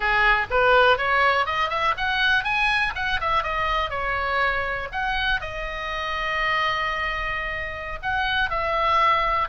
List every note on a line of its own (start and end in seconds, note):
0.00 0.46 G#4
0.50 0.97 B4
0.97 1.46 C#5
1.46 1.69 D#5
1.69 1.94 E5
1.97 2.44 F#5
2.44 2.93 G#5
2.95 3.19 F#5
3.20 3.43 E5
3.43 3.89 D#5
3.89 4.88 C#5
4.92 5.41 F#5
5.41 7.99 D#5
8.02 8.50 F#5
8.50 9.48 E5